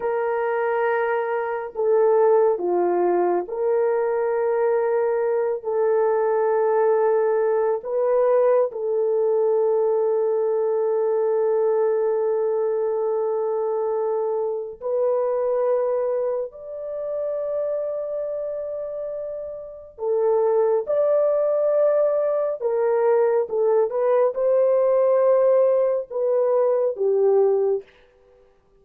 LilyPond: \new Staff \with { instrumentName = "horn" } { \time 4/4 \tempo 4 = 69 ais'2 a'4 f'4 | ais'2~ ais'8 a'4.~ | a'4 b'4 a'2~ | a'1~ |
a'4 b'2 d''4~ | d''2. a'4 | d''2 ais'4 a'8 b'8 | c''2 b'4 g'4 | }